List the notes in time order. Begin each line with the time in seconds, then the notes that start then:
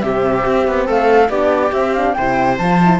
0.00 C3 C4 G4 E5
0.46 C4
0.67 B3
0.87 A3 A4 F5
1.29 B3 D4 G4 D5
1.72 C4 E5
1.94 D4 F5
2.14 C3 E4 C5 G5
2.58 F3 F4 A5
2.84 E4